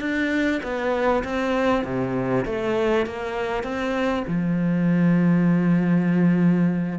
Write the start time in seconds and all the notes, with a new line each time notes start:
0.00 D4
0.63 B3
1.24 C4
1.84 C3
2.45 A3
3.06 A#3
3.63 C4
4.27 F3